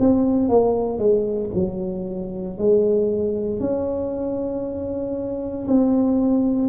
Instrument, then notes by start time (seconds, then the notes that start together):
tuba
0.00 C4
0.49 A#3
0.99 G#3
1.55 F#3
2.58 G#3
3.60 C#4
5.68 C4